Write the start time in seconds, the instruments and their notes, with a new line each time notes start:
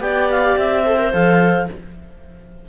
0.00 cello B3, viola G4, clarinet D5 G5
0.30 clarinet F5
0.57 cello C4, clarinet E5
0.83 viola A4, clarinet C5
0.98 viola A#4
1.12 cello F3, viola A4, clarinet F5